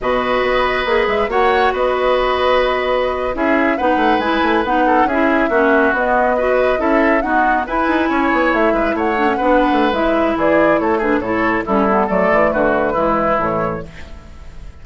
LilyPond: <<
  \new Staff \with { instrumentName = "flute" } { \time 4/4 \tempo 4 = 139 dis''2~ dis''8 e''8 fis''4 | dis''2.~ dis''8. e''16~ | e''8. fis''4 gis''4 fis''4 e''16~ | e''4.~ e''16 dis''2 e''16~ |
e''8. fis''4 gis''2 e''16~ | e''8. fis''2~ fis''16 e''4 | d''4 cis''8 b'8 cis''4 a'4 | d''4 b'2 cis''4 | }
  \new Staff \with { instrumentName = "oboe" } { \time 4/4 b'2. cis''4 | b'2.~ b'8. gis'16~ | gis'8. b'2~ b'8 a'8 gis'16~ | gis'8. fis'2 b'4 a'16~ |
a'8. fis'4 b'4 cis''4~ cis''16~ | cis''16 b'8 cis''4 b'2~ b'16 | gis'4 a'8 gis'8 a'4 e'4 | a'4 fis'4 e'2 | }
  \new Staff \with { instrumentName = "clarinet" } { \time 4/4 fis'2 gis'4 fis'4~ | fis'2.~ fis'8. e'16~ | e'8. dis'4 e'4 dis'4 e'16~ | e'8. cis'4 b4 fis'4 e'16~ |
e'8. b4 e'2~ e'16~ | e'4~ e'16 d'16 cis'16 d'4~ d'16 e'4~ | e'4. d'8 e'4 cis'8 b8 | a2 gis4 e4 | }
  \new Staff \with { instrumentName = "bassoon" } { \time 4/4 b,4 b4 ais8 gis8 ais4 | b2.~ b8. cis'16~ | cis'8. b8 a8 gis8 a8 b4 cis'16~ | cis'8. ais4 b2 cis'16~ |
cis'8. dis'4 e'8 dis'8 cis'8 b8 a16~ | a16 gis8 a4 b8. a8 gis4 | e4 a4 a,4 g4 | fis8 e8 d4 e4 a,4 | }
>>